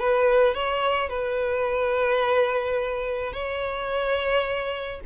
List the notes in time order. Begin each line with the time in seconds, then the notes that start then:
0.00 B4
0.55 C#5
1.10 B4
3.33 C#5